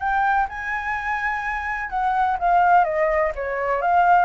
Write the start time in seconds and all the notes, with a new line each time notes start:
0.00 G5
0.49 G#5
1.90 F#5
2.40 F5
2.85 D#5
3.36 C#5
3.82 F5